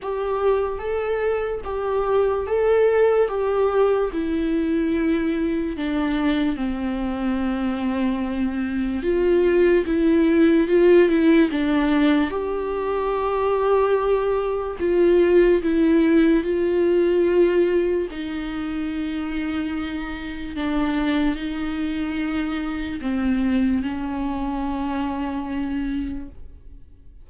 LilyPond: \new Staff \with { instrumentName = "viola" } { \time 4/4 \tempo 4 = 73 g'4 a'4 g'4 a'4 | g'4 e'2 d'4 | c'2. f'4 | e'4 f'8 e'8 d'4 g'4~ |
g'2 f'4 e'4 | f'2 dis'2~ | dis'4 d'4 dis'2 | c'4 cis'2. | }